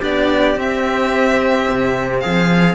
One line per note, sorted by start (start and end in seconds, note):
0.00 0.56 B3
0.00 0.56 D4
0.00 2.22 G4
0.00 0.59 D5
0.56 1.67 C4
0.56 2.75 C4
0.56 2.20 E5
1.69 2.25 C3
2.20 2.75 F3
2.20 2.75 G#4
2.20 2.75 F5